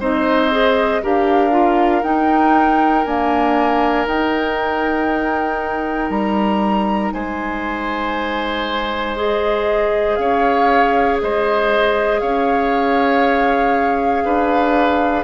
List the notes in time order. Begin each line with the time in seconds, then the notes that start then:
0.00 C4 D#4 C5 D#5
0.52 G#4
1.03 D4 G4 A#4 F5
1.51 F4
2.03 D#4 G5
3.05 A#3 D4 G#5
4.07 D#4 G5
6.10 G3 A#5
7.13 G#3 C5 G#5
9.17 G#4 D#5
10.16 C#4 C#5 F5
11.22 G#3 C5 D#5
12.20 C#4 C#5 F5
14.25 D4 B4